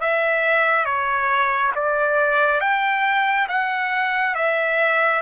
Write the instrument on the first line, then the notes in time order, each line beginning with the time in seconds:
trumpet
0.00 E5
0.85 C#5
1.75 D5
2.60 G5
3.48 F#5
4.34 E5